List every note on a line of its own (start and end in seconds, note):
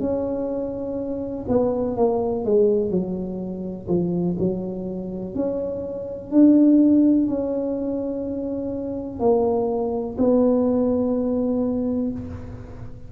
0.00 1.45 C#4
1.48 1.96 B3
1.96 2.45 A#3
2.45 2.90 G#3
2.90 3.87 F#3
3.88 4.36 F3
4.39 5.35 F#3
5.35 6.31 C#4
6.31 7.28 D4
7.28 9.19 C#4
9.19 10.16 A#3
10.17 12.11 B3